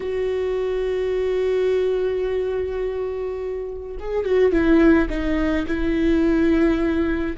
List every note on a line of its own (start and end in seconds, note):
0.00 3.96 F#4
3.99 4.25 G#4
4.25 4.52 F#4
4.52 5.08 E4
5.09 5.66 D#4
5.67 7.37 E4